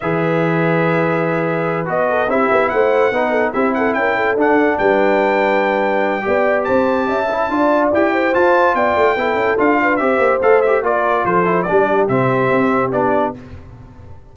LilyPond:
<<
  \new Staff \with { instrumentName = "trumpet" } { \time 4/4 \tempo 4 = 144 e''1~ | e''8 dis''4 e''4 fis''4.~ | fis''8 e''8 fis''8 g''4 fis''4 g''8~ | g''1 |
a''2. g''4 | a''4 g''2 f''4 | e''4 f''8 e''8 d''4 c''4 | d''4 e''2 d''4 | }
  \new Staff \with { instrumentName = "horn" } { \time 4/4 b'1~ | b'4 a'8 g'4 c''4 b'8 | a'8 g'8 a'8 ais'8 a'4. b'8~ | b'2. d''4 |
c''4 e''4 d''4. c''8~ | c''4 d''4 a'4. b'8 | c''2 ais'4 a'4 | g'1 | }
  \new Staff \with { instrumentName = "trombone" } { \time 4/4 gis'1~ | gis'8 fis'4 e'2 dis'8~ | dis'8 e'2 d'4.~ | d'2. g'4~ |
g'4. e'8 f'4 g'4 | f'2 e'4 f'4 | g'4 a'8 g'8 f'4. e'8 | d'4 c'2 d'4 | }
  \new Staff \with { instrumentName = "tuba" } { \time 4/4 e1~ | e8 b4 c'8 b8 a4 b8~ | b8 c'4 cis'4 d'4 g8~ | g2. b4 |
c'4 cis'4 d'4 e'4 | f'4 b8 a8 b8 cis'8 d'4 | c'8 ais8 a4 ais4 f4 | g4 c4 c'4 b4 | }
>>